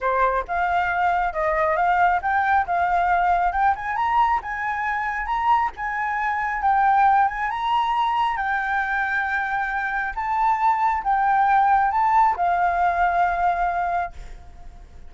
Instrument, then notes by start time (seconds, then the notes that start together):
flute
0.00 C5
0.47 F5
1.33 D#5
1.76 F5
2.21 G5
2.66 F5
3.52 G5
3.75 G#5
3.96 A#5
4.42 G#5
5.25 A#5
5.76 G#5
6.62 G5
7.28 G#5
7.50 A#5
8.37 G5
10.15 A5
11.03 G5
11.91 A5
12.36 F5